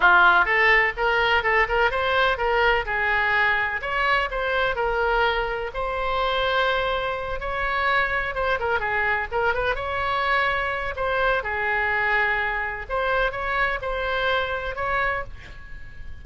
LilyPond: \new Staff \with { instrumentName = "oboe" } { \time 4/4 \tempo 4 = 126 f'4 a'4 ais'4 a'8 ais'8 | c''4 ais'4 gis'2 | cis''4 c''4 ais'2 | c''2.~ c''8 cis''8~ |
cis''4. c''8 ais'8 gis'4 ais'8 | b'8 cis''2~ cis''8 c''4 | gis'2. c''4 | cis''4 c''2 cis''4 | }